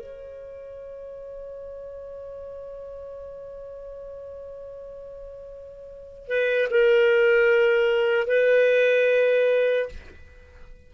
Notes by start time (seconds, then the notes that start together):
0.00 C#5
6.27 B4
6.70 A#4
8.27 B4